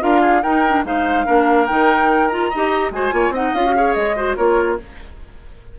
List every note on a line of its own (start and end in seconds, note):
0.00 0.44 D4
0.00 0.41 F4
0.00 0.21 A#4
0.00 0.42 F5
0.21 0.41 G#4
0.42 0.84 D#4
0.42 0.67 D#4
0.42 0.84 A#4
0.42 0.83 G5
0.67 0.84 D4
0.84 1.25 G#3
0.84 1.25 D#4
0.84 1.26 C5
0.84 1.66 F5
1.25 1.70 A#3
1.25 1.67 D4
1.25 2.50 A#4
1.66 2.52 D#3
1.66 2.30 D#4
1.66 2.28 G5
2.28 2.51 F4
2.28 2.90 A#5
2.50 2.90 D#4
2.50 2.92 G4
2.50 2.91 D#5
2.90 3.11 G#3
2.90 3.11 F#4
2.90 3.14 C5
2.90 3.33 G#5
3.11 3.30 A#3
3.11 3.32 F4
3.11 3.33 C#5
3.30 3.51 C4
3.30 3.55 D#4
3.30 3.75 D#5
3.30 3.54 F#5
3.54 3.95 C#4
3.54 3.66 F4
3.54 3.94 F5
3.66 3.76 F#4
3.76 4.16 G#4
3.76 4.16 C#5
3.94 4.37 G#3
3.94 4.35 D#5
4.16 4.36 F#4
4.16 4.36 C5
4.36 4.79 A#3
4.36 4.78 F4
4.36 4.78 A#4
4.36 4.77 C#5